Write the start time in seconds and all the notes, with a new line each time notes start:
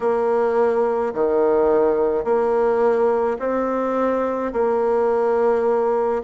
0.00 A#3
1.14 D#3
2.24 A#3
3.39 C4
4.52 A#3